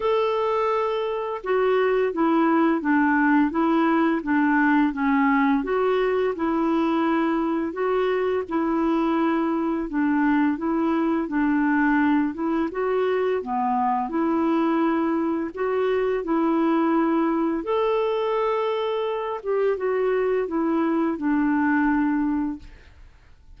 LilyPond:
\new Staff \with { instrumentName = "clarinet" } { \time 4/4 \tempo 4 = 85 a'2 fis'4 e'4 | d'4 e'4 d'4 cis'4 | fis'4 e'2 fis'4 | e'2 d'4 e'4 |
d'4. e'8 fis'4 b4 | e'2 fis'4 e'4~ | e'4 a'2~ a'8 g'8 | fis'4 e'4 d'2 | }